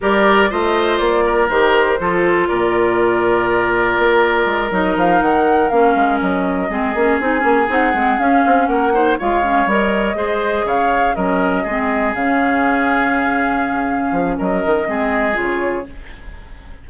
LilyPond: <<
  \new Staff \with { instrumentName = "flute" } { \time 4/4 \tempo 4 = 121 d''4 dis''4 d''4 c''4~ | c''4 d''2.~ | d''4. dis''8 f''8 fis''4 f''8~ | f''8 dis''2 gis''4 fis''8~ |
fis''8 f''4 fis''4 f''4 dis''8~ | dis''4. f''4 dis''4.~ | dis''8 f''2.~ f''8~ | f''4 dis''2 cis''4 | }
  \new Staff \with { instrumentName = "oboe" } { \time 4/4 ais'4 c''4. ais'4. | a'4 ais'2.~ | ais'1~ | ais'4. gis'2~ gis'8~ |
gis'4. ais'8 c''8 cis''4.~ | cis''8 c''4 cis''4 ais'4 gis'8~ | gis'1~ | gis'4 ais'4 gis'2 | }
  \new Staff \with { instrumentName = "clarinet" } { \time 4/4 g'4 f'2 g'4 | f'1~ | f'4. dis'2 cis'8~ | cis'4. c'8 cis'8 dis'8 cis'8 dis'8 |
c'8 cis'4. dis'8 f'8 cis'8 ais'8~ | ais'8 gis'2 cis'4 c'8~ | c'8 cis'2.~ cis'8~ | cis'2 c'4 f'4 | }
  \new Staff \with { instrumentName = "bassoon" } { \time 4/4 g4 a4 ais4 dis4 | f4 ais,2. | ais4 gis8 fis8 f8 dis4 ais8 | gis8 fis4 gis8 ais8 c'8 ais8 c'8 |
gis8 cis'8 c'8 ais4 gis4 g8~ | g8 gis4 cis4 fis4 gis8~ | gis8 cis2.~ cis8~ | cis8 f8 fis8 dis8 gis4 cis4 | }
>>